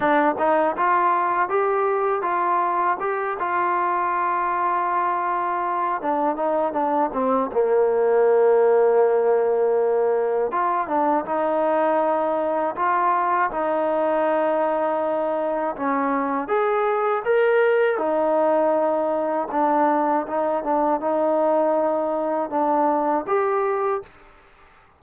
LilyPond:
\new Staff \with { instrumentName = "trombone" } { \time 4/4 \tempo 4 = 80 d'8 dis'8 f'4 g'4 f'4 | g'8 f'2.~ f'8 | d'8 dis'8 d'8 c'8 ais2~ | ais2 f'8 d'8 dis'4~ |
dis'4 f'4 dis'2~ | dis'4 cis'4 gis'4 ais'4 | dis'2 d'4 dis'8 d'8 | dis'2 d'4 g'4 | }